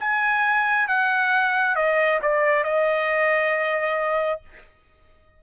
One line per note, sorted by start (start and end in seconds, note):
0.00 0.88 G#5
0.88 1.75 F#5
1.75 2.20 D#5
2.22 2.64 D5
2.64 4.42 D#5